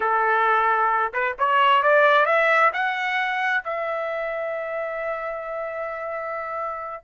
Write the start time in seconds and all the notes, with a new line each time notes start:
0.00 A4
1.13 B4
1.38 C#5
1.82 D5
2.25 E5
2.73 F#5
3.64 E5